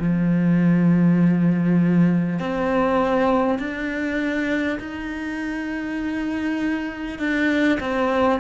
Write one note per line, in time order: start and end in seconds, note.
0.00 2.40 F3
2.40 3.59 C4
3.59 4.79 D4
4.80 7.19 D#4
7.19 7.79 D4
7.81 8.41 C4